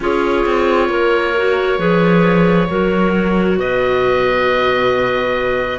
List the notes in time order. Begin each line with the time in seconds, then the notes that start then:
0.00 C#4 F4 G#4 C#5
0.45 C4
0.89 A#3 A#4
1.36 F#4
1.78 F3 G#4 B4
2.69 F#3 F#4 A#4
3.57 B2 B4 D#5